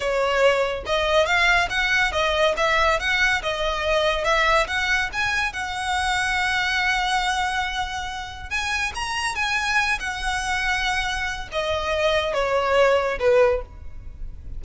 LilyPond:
\new Staff \with { instrumentName = "violin" } { \time 4/4 \tempo 4 = 141 cis''2 dis''4 f''4 | fis''4 dis''4 e''4 fis''4 | dis''2 e''4 fis''4 | gis''4 fis''2.~ |
fis''1 | gis''4 ais''4 gis''4. fis''8~ | fis''2. dis''4~ | dis''4 cis''2 b'4 | }